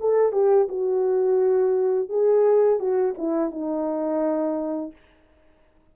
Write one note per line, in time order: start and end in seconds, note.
0.00 0.32 A4
0.32 0.67 G4
0.68 2.09 F#4
2.09 2.79 G#4
2.79 3.14 F#4
3.17 3.51 E4
3.51 4.92 D#4